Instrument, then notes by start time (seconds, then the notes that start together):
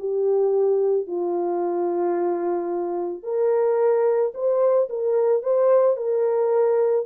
horn
0.00 G4
1.08 F4
3.23 A#4
4.35 C5
4.90 A#4
5.43 C5
5.97 A#4